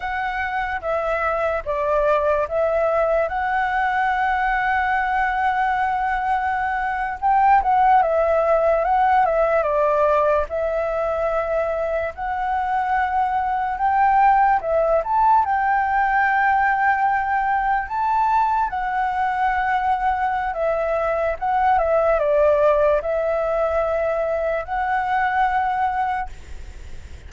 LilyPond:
\new Staff \with { instrumentName = "flute" } { \time 4/4 \tempo 4 = 73 fis''4 e''4 d''4 e''4 | fis''1~ | fis''8. g''8 fis''8 e''4 fis''8 e''8 d''16~ | d''8. e''2 fis''4~ fis''16~ |
fis''8. g''4 e''8 a''8 g''4~ g''16~ | g''4.~ g''16 a''4 fis''4~ fis''16~ | fis''4 e''4 fis''8 e''8 d''4 | e''2 fis''2 | }